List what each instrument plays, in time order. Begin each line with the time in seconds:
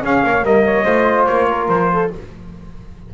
0.00 trombone C#4, double bass C#4, flute G#4, trumpet F5
0.23 double bass A#3, flute C#5
0.42 double bass G3, trombone A#3, flute A#4, trumpet D#5
0.66 flute C#5
0.84 double bass A3, trombone F4, flute C5
1.25 double bass A#3, trumpet C#5
1.49 flute A#4
1.68 double bass F3, trumpet C5
1.93 flute A4